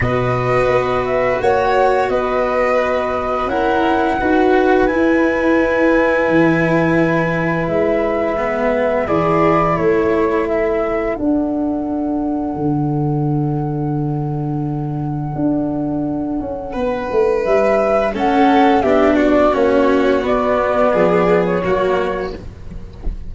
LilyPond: <<
  \new Staff \with { instrumentName = "flute" } { \time 4/4 \tempo 4 = 86 dis''4. e''8 fis''4 dis''4~ | dis''4 fis''2 gis''4~ | gis''2. e''4~ | e''4 d''4 cis''4 e''4 |
fis''1~ | fis''1~ | fis''4 e''4 fis''4 e''8 d''8 | cis''4 d''4.~ d''16 cis''4~ cis''16 | }
  \new Staff \with { instrumentName = "violin" } { \time 4/4 b'2 cis''4 b'4~ | b'4 ais'4 b'2~ | b'1~ | b'4 gis'4 a'2~ |
a'1~ | a'1 | b'2 a'4 g'8 fis'8~ | fis'2 gis'4 fis'4 | }
  \new Staff \with { instrumentName = "cello" } { \time 4/4 fis'1~ | fis'4 e'4 fis'4 e'4~ | e'1 | b4 e'2. |
d'1~ | d'1~ | d'2 cis'4 d'4 | cis'4 b2 ais4 | }
  \new Staff \with { instrumentName = "tuba" } { \time 4/4 b,4 b4 ais4 b4~ | b4 cis'4 dis'4 e'4~ | e'4 e2 gis4~ | gis4 e4 a2 |
d'2 d2~ | d2 d'4. cis'8 | b8 a8 g4 a4 b4 | ais4 b4 f4 fis4 | }
>>